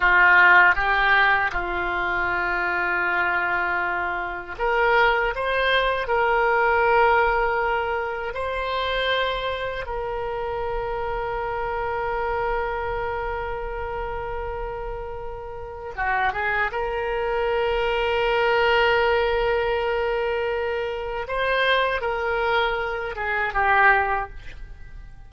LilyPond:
\new Staff \with { instrumentName = "oboe" } { \time 4/4 \tempo 4 = 79 f'4 g'4 f'2~ | f'2 ais'4 c''4 | ais'2. c''4~ | c''4 ais'2.~ |
ais'1~ | ais'4 fis'8 gis'8 ais'2~ | ais'1 | c''4 ais'4. gis'8 g'4 | }